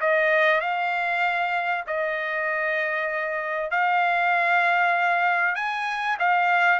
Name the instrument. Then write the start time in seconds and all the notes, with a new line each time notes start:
trumpet
0.00 D#5
0.60 F5
1.86 D#5
3.71 F5
5.55 G#5
6.19 F5